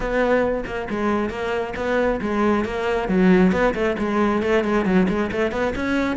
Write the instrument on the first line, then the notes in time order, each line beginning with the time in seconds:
cello
0.00 B3
0.66 A#3
0.90 G#3
1.29 A#3
1.76 B3
2.21 G#3
2.65 A#3
3.08 F#3
3.52 B3
3.74 A3
3.98 G#3
4.42 A3
4.64 G#3
4.85 F#3
5.08 G#3
5.31 A3
5.51 B3
5.75 C#4